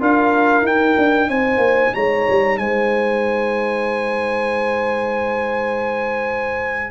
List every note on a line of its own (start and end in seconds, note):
0.00 0.63 D4
0.00 0.65 F4
0.00 1.30 A#4
0.00 0.67 F5
0.63 0.95 D#4
0.63 6.91 D#4
0.63 1.30 G5
0.98 1.29 D4
1.29 1.58 C4
1.29 1.94 C5
1.29 1.94 G#5
1.58 1.90 A#3
1.94 2.28 G#3
1.94 2.59 C#5
1.94 2.58 A#5
2.30 2.58 G3
2.58 6.91 G#3
2.58 6.91 C5
2.58 6.91 G#5